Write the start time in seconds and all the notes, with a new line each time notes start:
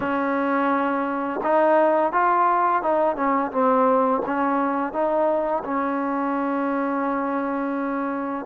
0.00 C#4
1.43 D#4
2.12 F4
2.82 D#4
3.15 C#4
3.51 C4
4.26 C#4
4.92 D#4
5.64 C#4